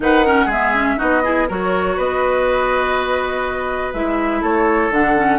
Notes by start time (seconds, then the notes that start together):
0.00 D#3 D#4 B4 F#5
0.25 C#4 A#4
0.45 G#3 G#4 E5
0.52 B3
0.74 C#4
0.97 B3 D#4 F#4 D#5
1.23 E4 G#4
1.48 F#3 F#4 A#4 C#5
1.96 B3 B4 D#5
3.93 G#3 E4 E5
4.41 A3 A4 C#5
4.90 D3 D4 F#5
5.16 C#4